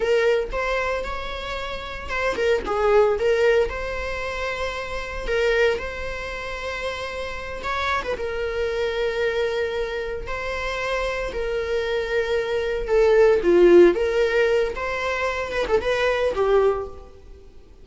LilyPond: \new Staff \with { instrumentName = "viola" } { \time 4/4 \tempo 4 = 114 ais'4 c''4 cis''2 | c''8 ais'8 gis'4 ais'4 c''4~ | c''2 ais'4 c''4~ | c''2~ c''8 cis''8. b'16 ais'8~ |
ais'2.~ ais'8 c''8~ | c''4. ais'2~ ais'8~ | ais'8 a'4 f'4 ais'4. | c''4. b'16 a'16 b'4 g'4 | }